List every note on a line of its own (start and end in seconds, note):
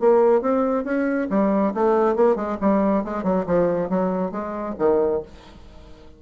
0.00 0.42 A#3
0.42 0.85 C4
0.85 1.28 C#4
1.30 1.74 G3
1.74 2.16 A3
2.16 2.36 A#3
2.36 2.58 G#3
2.61 3.04 G3
3.04 3.24 G#3
3.24 3.45 F#3
3.46 3.90 F3
3.90 4.32 F#3
4.32 4.75 G#3
4.79 5.22 D#3